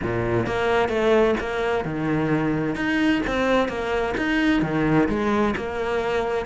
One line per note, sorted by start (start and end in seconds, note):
0.02 0.46 A#2
0.46 0.88 A#3
0.88 1.34 A3
1.40 1.84 A#3
1.84 2.75 D#3
2.75 3.21 D#4
3.26 3.68 C4
3.68 4.14 A#3
4.17 4.62 D#4
4.62 5.08 D#3
5.08 5.54 G#3
5.56 6.45 A#3